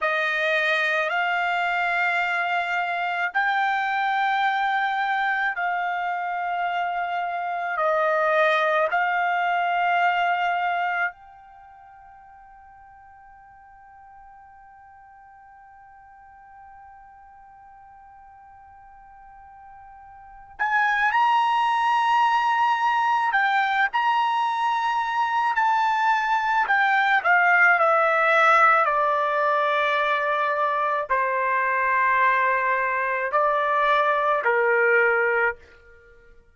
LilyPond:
\new Staff \with { instrumentName = "trumpet" } { \time 4/4 \tempo 4 = 54 dis''4 f''2 g''4~ | g''4 f''2 dis''4 | f''2 g''2~ | g''1~ |
g''2~ g''8 gis''8 ais''4~ | ais''4 g''8 ais''4. a''4 | g''8 f''8 e''4 d''2 | c''2 d''4 ais'4 | }